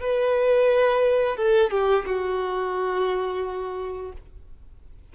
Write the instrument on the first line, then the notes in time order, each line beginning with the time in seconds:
violin
0.00 B4
1.36 A4
1.71 G4
2.05 F#4